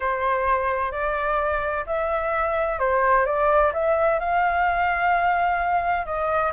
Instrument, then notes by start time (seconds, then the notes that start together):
flute
0.00 C5
0.91 D5
1.86 E5
2.79 C5
3.25 D5
3.73 E5
4.19 F5
6.05 D#5